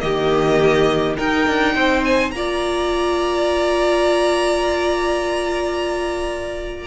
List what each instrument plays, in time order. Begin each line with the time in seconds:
0.00 cello D#3, viola A#3, violin G4 D#5
1.17 viola D#4, cello D#4, violin A#4 G5
1.48 cello D4
1.75 cello C4, violin C5
2.04 violin G#5
2.31 cello A#3, viola F4, violin D5 A#5